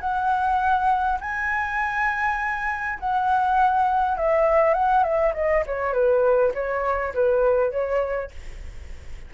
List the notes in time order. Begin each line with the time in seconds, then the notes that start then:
0.00 F#5
1.20 G#5
2.99 F#5
4.17 E5
4.74 F#5
5.03 E5
5.34 D#5
5.66 C#5
5.93 B4
6.54 C#5
7.14 B4
7.71 C#5